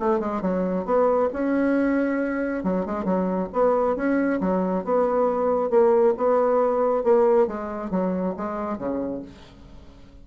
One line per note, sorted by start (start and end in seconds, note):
0.00 0.20 A3
0.20 0.42 G#3
0.42 0.85 F#3
0.85 1.30 B3
1.33 2.64 C#4
2.64 2.86 F#3
2.86 3.05 G#3
3.05 3.49 F#3
3.53 3.96 B3
3.96 4.40 C#4
4.41 4.85 F#3
4.85 5.70 B3
5.70 6.14 A#3
6.17 7.04 B3
7.04 7.47 A#3
7.47 7.91 G#3
7.91 8.35 F#3
8.37 8.78 G#3
8.78 9.22 C#3